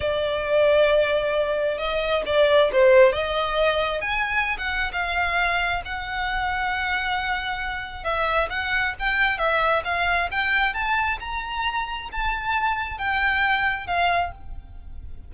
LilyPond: \new Staff \with { instrumentName = "violin" } { \time 4/4 \tempo 4 = 134 d''1 | dis''4 d''4 c''4 dis''4~ | dis''4 gis''4~ gis''16 fis''8. f''4~ | f''4 fis''2.~ |
fis''2 e''4 fis''4 | g''4 e''4 f''4 g''4 | a''4 ais''2 a''4~ | a''4 g''2 f''4 | }